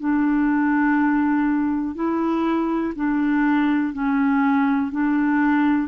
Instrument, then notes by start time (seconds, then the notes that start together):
clarinet
0.00 D4
1.95 E4
2.96 D4
3.93 C#4
4.92 D4